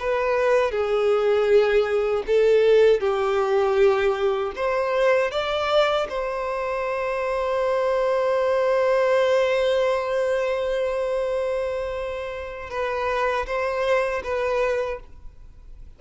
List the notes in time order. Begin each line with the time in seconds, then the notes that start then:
0.00 B4
0.72 G#4
2.27 A4
3.01 G4
4.56 C5
5.32 D5
6.10 C5
12.70 B4
13.47 C5
14.24 B4